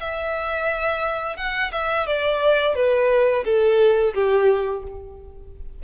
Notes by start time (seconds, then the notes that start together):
0.00 E5
1.37 F#5
1.72 E5
2.07 D5
2.75 B4
3.45 A4
4.14 G4